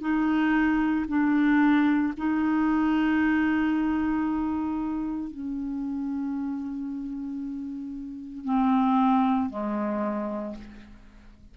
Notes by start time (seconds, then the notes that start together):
0.00 D#4
1.08 D4
2.17 D#4
5.30 C#4
8.44 C4
9.49 G#3